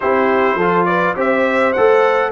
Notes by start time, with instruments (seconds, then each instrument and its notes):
0.00 tuba C4, trombone E4, horn G4, trumpet C5
0.54 tuba F3, trombone F4, horn A4
0.85 horn B4, trumpet D5
1.16 tuba C4, trombone G4, horn C5, trumpet E5
1.72 tuba A3, trombone A4, trumpet F#5